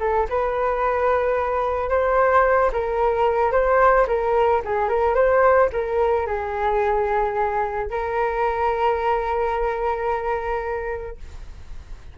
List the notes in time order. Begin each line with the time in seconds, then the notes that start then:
0.00 A4
0.30 B4
1.89 C5
2.72 A#4
3.52 C5
4.08 A#4
4.65 G#4
4.89 A#4
5.15 C5
5.73 A#4
6.27 G#4
7.90 A#4